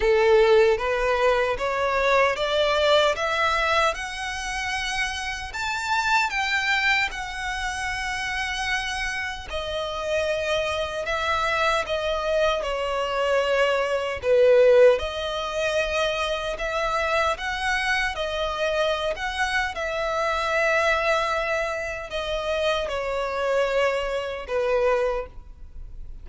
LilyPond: \new Staff \with { instrumentName = "violin" } { \time 4/4 \tempo 4 = 76 a'4 b'4 cis''4 d''4 | e''4 fis''2 a''4 | g''4 fis''2. | dis''2 e''4 dis''4 |
cis''2 b'4 dis''4~ | dis''4 e''4 fis''4 dis''4~ | dis''16 fis''8. e''2. | dis''4 cis''2 b'4 | }